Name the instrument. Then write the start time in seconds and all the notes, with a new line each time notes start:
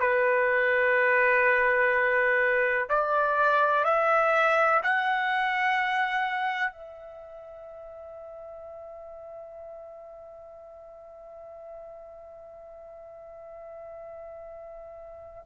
trumpet
0.00 B4
2.89 D5
3.84 E5
4.83 F#5
6.72 E5